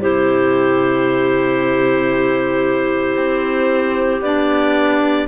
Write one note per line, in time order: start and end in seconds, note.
0.00 3.17 C3
0.00 4.21 E4
0.00 5.27 G4
0.00 4.22 C5
3.17 4.21 C4
4.21 5.27 B3
4.21 5.28 D4
4.21 5.27 D5